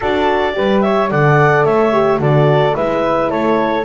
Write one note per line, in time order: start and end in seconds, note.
0.00 0.56 D4
0.00 0.53 F#4
0.00 0.53 A4
0.00 0.81 D5
0.53 1.11 G3
0.53 1.08 G4
0.53 0.84 B4
0.81 1.11 C#5
0.81 1.08 E5
1.09 1.64 D3
1.09 1.92 A4
1.09 1.65 D5
1.09 1.65 F#5
1.64 2.18 A3
1.64 2.20 C#5
1.64 2.20 E5
1.92 2.18 G4
2.18 2.73 D3
2.18 2.73 F#4
2.18 2.75 A4
2.18 2.75 D5
2.73 3.31 G#3
2.73 3.83 E4
2.73 3.30 B4
2.73 3.30 E5
3.30 3.84 A3
3.30 3.84 A4
3.30 3.84 C#5